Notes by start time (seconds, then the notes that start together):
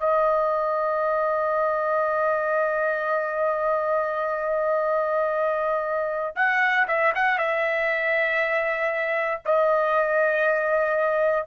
0.00 D#5
6.36 F#5
6.88 E5
7.15 F#5
7.38 E5
9.46 D#5